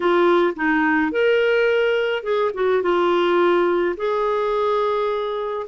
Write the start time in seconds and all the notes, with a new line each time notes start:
0.00 F4
0.56 D#4
1.11 A#4
2.23 G#4
2.54 F#4
2.82 F4
3.96 G#4